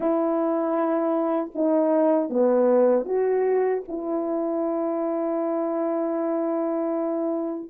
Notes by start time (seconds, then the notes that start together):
0.00 E4
1.54 D#4
2.29 B3
3.05 F#4
3.87 E4